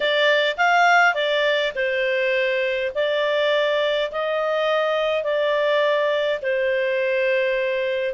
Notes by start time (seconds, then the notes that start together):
0.00 D5
0.57 F5
1.14 D5
1.75 C5
2.94 D5
4.11 D#5
5.23 D5
6.42 C5